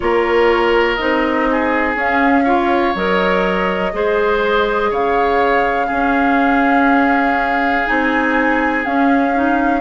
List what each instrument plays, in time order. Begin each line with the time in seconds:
0.00 bassoon A#3, clarinet F4, oboe A#4, flute C#5
0.95 bassoon C4, clarinet D#4, flute D#5
1.51 oboe G#4
1.95 bassoon C#4, clarinet C#4, flute F5
2.44 clarinet F4, oboe C#5
2.94 bassoon F#3, clarinet A#4, flute D#5
3.92 bassoon G#3, clarinet G#4, oboe C5
4.90 bassoon C#3, oboe C#5, flute F5
5.86 clarinet C#4, bassoon C#4, oboe G#4
7.85 bassoon C4, clarinet D#4, flute G#5
8.85 clarinet C#4, bassoon C#4, flute F5
9.34 clarinet D#4